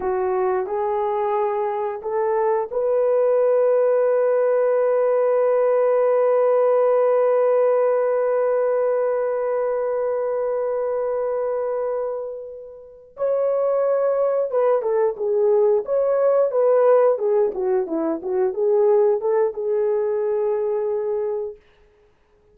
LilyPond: \new Staff \with { instrumentName = "horn" } { \time 4/4 \tempo 4 = 89 fis'4 gis'2 a'4 | b'1~ | b'1~ | b'1~ |
b'2.~ b'8 cis''8~ | cis''4. b'8 a'8 gis'4 cis''8~ | cis''8 b'4 gis'8 fis'8 e'8 fis'8 gis'8~ | gis'8 a'8 gis'2. | }